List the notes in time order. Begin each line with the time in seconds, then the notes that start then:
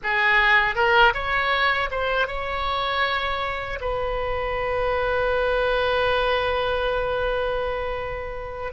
0.03 G#4
0.75 A#4
1.14 C#5
1.91 C5
2.27 C#5
3.80 B4